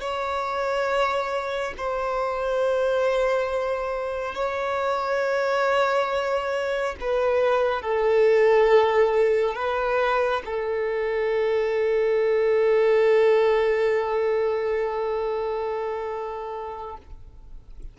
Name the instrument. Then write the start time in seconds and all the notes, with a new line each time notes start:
violin
0.00 C#5
1.77 C5
4.34 C#5
7.00 B4
7.82 A4
9.55 B4
10.45 A4